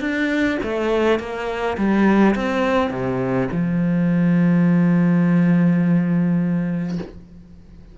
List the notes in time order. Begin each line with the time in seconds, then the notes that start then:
0.00 D4
0.63 A3
1.19 A#3
1.77 G3
2.35 C4
2.91 C3
3.52 F3